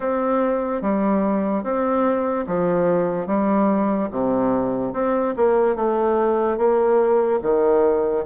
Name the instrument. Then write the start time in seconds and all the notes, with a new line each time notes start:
bassoon
0.00 C4
0.81 G3
1.63 C4
2.47 F3
3.27 G3
4.11 C3
4.93 C4
5.36 A#3
5.75 A3
6.57 A#3
7.42 D#3